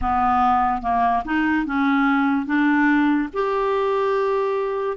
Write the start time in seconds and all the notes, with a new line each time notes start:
0.01 B3
0.81 A#3
1.24 D#4
1.66 C#4
2.46 D4
3.33 G4